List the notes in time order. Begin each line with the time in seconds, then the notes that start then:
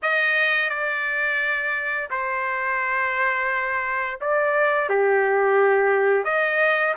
0.02 D#5
0.69 D5
2.10 C5
4.21 D5
4.89 G4
6.24 D#5